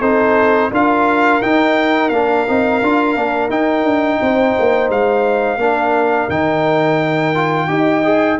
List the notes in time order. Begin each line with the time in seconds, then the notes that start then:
0.00 C4 D#4 A4 C5
0.71 D4 F4 A#4 F5
1.42 D#4 G5
2.09 A#3 D4 F5
2.47 C4 D#4
2.83 D4 F4
3.16 A#3 D4
3.50 D#4 G5
3.84 D4
4.21 C4 C5
4.59 A#3
4.90 G#3 F5
5.57 A#3 D4 A#4
6.29 D#3 D#4 G5
7.35 F4
7.68 D#4 G4 D#5
8.04 G#4